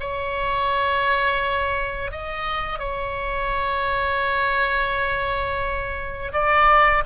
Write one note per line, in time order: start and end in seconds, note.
0.00 2.11 C#5
2.11 2.79 D#5
2.79 6.32 C#5
6.33 7.03 D5